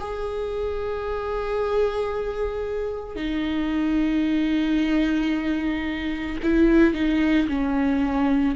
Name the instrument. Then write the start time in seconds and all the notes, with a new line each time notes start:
viola
0.00 G#4
3.16 D#4
6.43 E4
6.94 D#4
7.48 C#4